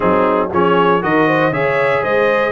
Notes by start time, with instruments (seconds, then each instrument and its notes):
0.00 tuba F#3, trombone C4, horn D#4, trumpet G#4
0.52 tuba F3, trombone C#4, horn G#4, trumpet C#5
1.01 tuba D#3, trombone F#4, horn A#4, trumpet D#5
1.27 horn C5
1.51 tuba C#3, trombone G#4, horn C#5, trumpet E5
2.02 tuba G#3, horn C5, trumpet D#5